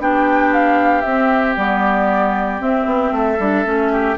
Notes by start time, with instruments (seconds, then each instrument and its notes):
0.00 bassoon B3, clarinet D4, oboe G4, flute G5
0.54 flute F5
1.02 clarinet C4, bassoon C4, flute E5
1.57 bassoon G3, clarinet B3, flute D5
2.60 clarinet C4, bassoon C4, flute E5
2.86 bassoon B3
3.12 bassoon A3, oboe A4
3.39 bassoon G3, clarinet D4
3.65 bassoon A3, clarinet C#4
3.93 oboe G4